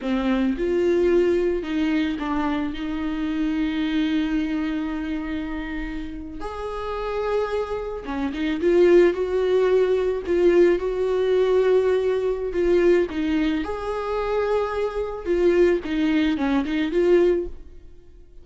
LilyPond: \new Staff \with { instrumentName = "viola" } { \time 4/4 \tempo 4 = 110 c'4 f'2 dis'4 | d'4 dis'2.~ | dis'2.~ dis'8. gis'16~ | gis'2~ gis'8. cis'8 dis'8 f'16~ |
f'8. fis'2 f'4 fis'16~ | fis'2. f'4 | dis'4 gis'2. | f'4 dis'4 cis'8 dis'8 f'4 | }